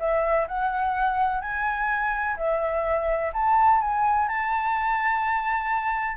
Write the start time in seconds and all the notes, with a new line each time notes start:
0.00 E5
0.48 F#5
1.42 G#5
2.37 E5
3.34 A5
3.81 G#5
4.29 A5